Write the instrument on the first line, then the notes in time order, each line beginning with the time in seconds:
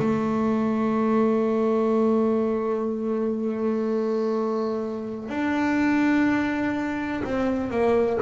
double bass
0.00 A3
5.30 D4
7.24 C4
7.71 A#3